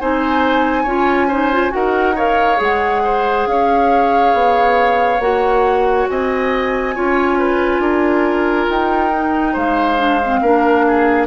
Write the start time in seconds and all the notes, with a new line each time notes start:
0.00 C4 D#4 C5 G#5
0.84 C#4 F4 C#5
1.28 D#4 C5
1.53 F4
1.70 D#4 F#4 A#4 F#5
2.16 A#4 C#5 F5
2.57 G#3 G#4 F#5
3.04 C5
3.47 C#4 C#5 F5
4.34 B3
5.20 A#3 F#4 F#5
6.10 C4 D#5 G#5
6.95 C#4 F4 C#5
7.39 B4
7.80 D4 A#4
8.70 D#4 G5
9.13 D#4
9.53 G#3 C5 F5
9.99 D4
10.25 C4
10.42 A#3 D4 A#4
10.88 G#4